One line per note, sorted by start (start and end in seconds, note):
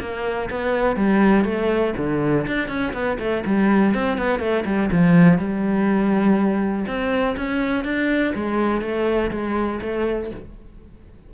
0.00 0.49 A#3
0.50 0.96 B3
0.96 1.45 G3
1.45 1.94 A3
1.97 2.46 D3
2.47 2.68 D4
2.68 2.93 C#4
2.93 3.18 B3
3.19 3.44 A3
3.46 3.94 G3
3.94 4.18 C4
4.18 4.40 B3
4.40 4.64 A3
4.65 4.90 G3
4.92 5.38 F3
5.38 6.86 G3
6.87 7.36 C4
7.37 7.84 C#4
7.84 8.33 D4
8.35 8.81 G#3
8.81 9.31 A3
9.31 9.80 G#3
9.81 10.31 A3